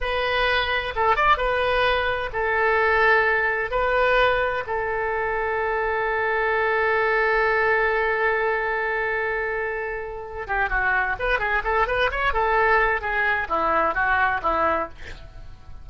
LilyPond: \new Staff \with { instrumentName = "oboe" } { \time 4/4 \tempo 4 = 129 b'2 a'8 d''8 b'4~ | b'4 a'2. | b'2 a'2~ | a'1~ |
a'1~ | a'2~ a'8 g'8 fis'4 | b'8 gis'8 a'8 b'8 cis''8 a'4. | gis'4 e'4 fis'4 e'4 | }